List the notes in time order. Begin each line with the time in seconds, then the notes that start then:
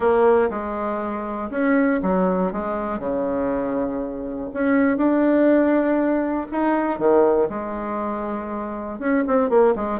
0.00 A#3
0.50 G#3
1.50 C#4
2.02 F#3
2.52 G#3
2.99 C#3
4.53 C#4
4.97 D4
6.51 D#4
6.99 D#3
7.49 G#3
8.99 C#4
9.27 C4
9.49 A#3
9.75 G#3